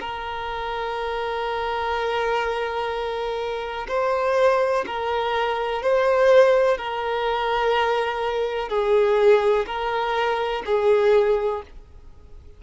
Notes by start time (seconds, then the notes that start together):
0.00 A#4
3.88 C5
4.87 A#4
5.82 C5
6.77 A#4
8.69 G#4
9.66 A#4
10.66 G#4